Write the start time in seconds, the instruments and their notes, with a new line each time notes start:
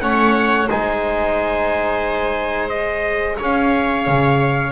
0.00 double bass A3, trombone C#4, viola C#5, trumpet F#5
0.67 double bass G#3, trombone D#4, viola C5, trumpet G#5
2.69 trombone G#4, trumpet D#5
3.37 double bass C#4, viola C#5, trumpet F5
4.07 double bass C#3